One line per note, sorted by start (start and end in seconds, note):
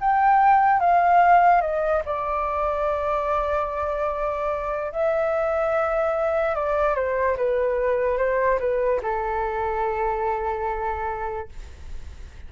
0.00 0.80 G5
0.80 1.61 F5
1.61 2.02 D#5
2.05 4.92 D5
4.92 6.55 E5
6.55 6.95 D5
6.95 7.36 C5
7.37 8.17 B4
8.17 8.59 C5
8.59 9.00 B4
9.02 11.49 A4